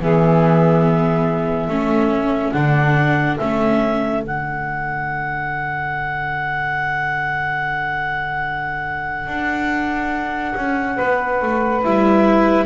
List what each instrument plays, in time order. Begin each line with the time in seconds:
0.00 double bass E3, viola B3, saxophone G#4, clarinet E5
1.67 double bass A3, viola C#4, saxophone A4
2.52 double bass D3, viola D4, clarinet F#5
3.38 double bass A3, viola C#4, clarinet E5
4.24 double bass D3, viola D4, clarinet F#5
9.27 double bass D4
10.55 double bass C#4
10.96 double bass B3, saxophone B4
11.42 double bass A3
11.83 double bass G3, viola E4, clarinet E5